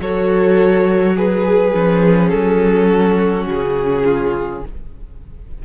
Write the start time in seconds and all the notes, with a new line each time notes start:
0.00 F#3 F#4 A4 C#5
1.15 G#4 B4
1.74 F3 C#4
2.29 F#3 A4
2.88 F#4
3.47 C#3 G#4
4.05 F4